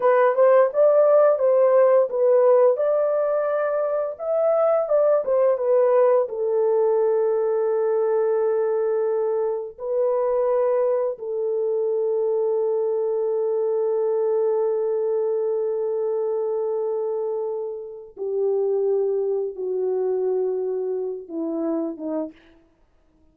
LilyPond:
\new Staff \with { instrumentName = "horn" } { \time 4/4 \tempo 4 = 86 b'8 c''8 d''4 c''4 b'4 | d''2 e''4 d''8 c''8 | b'4 a'2.~ | a'2 b'2 |
a'1~ | a'1~ | a'2 g'2 | fis'2~ fis'8 e'4 dis'8 | }